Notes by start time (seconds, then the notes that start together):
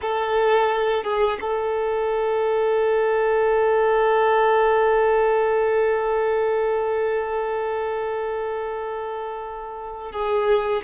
0.01 A4
1.03 G#4
1.40 A4
10.12 G#4